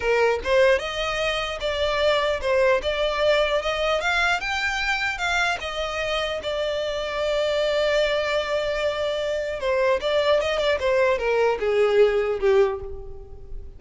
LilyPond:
\new Staff \with { instrumentName = "violin" } { \time 4/4 \tempo 4 = 150 ais'4 c''4 dis''2 | d''2 c''4 d''4~ | d''4 dis''4 f''4 g''4~ | g''4 f''4 dis''2 |
d''1~ | d''1 | c''4 d''4 dis''8 d''8 c''4 | ais'4 gis'2 g'4 | }